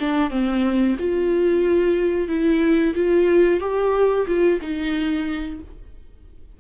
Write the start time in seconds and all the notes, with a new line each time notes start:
0.00 D4
0.30 C4
0.99 F4
2.29 E4
2.96 F4
3.61 G4
4.27 F4
4.62 D#4